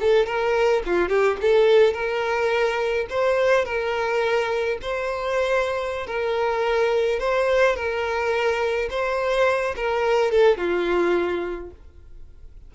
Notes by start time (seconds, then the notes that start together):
0.00 A4
0.26 A#4
0.86 F4
1.08 G4
1.41 A4
1.93 A#4
3.09 C5
3.65 A#4
4.81 C5
6.06 A#4
7.19 C5
7.75 A#4
8.90 C5
9.76 A#4
10.31 A4
10.57 F4